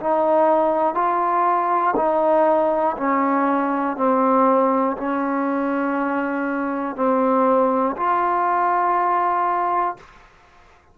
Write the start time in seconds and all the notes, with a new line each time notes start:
0.00 D#4
0.95 F4
1.96 D#4
2.97 C#4
3.97 C4
4.97 C#4
6.96 C4
7.96 F4